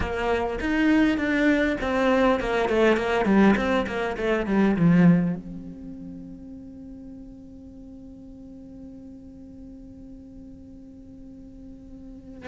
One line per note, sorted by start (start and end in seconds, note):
0.00 0.59 A#3
0.60 1.17 D#4
1.17 1.77 D4
1.81 2.40 C4
2.40 2.69 A#3
2.69 2.96 A3
2.96 3.25 A#3
3.25 3.55 G3
3.56 3.86 C4
3.86 4.16 A#3
4.16 4.46 A3
4.46 4.76 G3
4.76 5.35 F3
5.35 12.48 C4